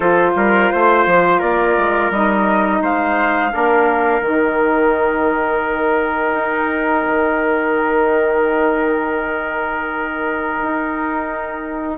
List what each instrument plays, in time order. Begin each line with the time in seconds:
0.00 bassoon F3, saxophone F4, trumpet A4, flute C5
0.35 bassoon G3, trumpet A#4
0.72 bassoon A3, trumpet C5
1.05 bassoon F3
1.39 bassoon A#3, trumpet A#4, flute D5
1.77 bassoon G#3
2.10 bassoon G3, saxophone D#4, flute D#5
2.81 bassoon G#3, trumpet C5, flute F5
3.50 bassoon A#3, saxophone D4, trumpet A#4
4.20 bassoon D#3, saxophone D#4, flute G5
6.33 bassoon D#4
7.06 bassoon D#3
10.62 bassoon D#4